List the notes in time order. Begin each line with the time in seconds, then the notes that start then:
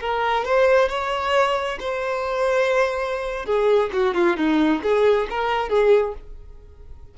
0.00 A#4
0.45 C5
0.89 C#5
1.79 C5
3.45 G#4
3.93 F#4
4.14 F4
4.37 D#4
4.82 G#4
5.29 A#4
5.69 G#4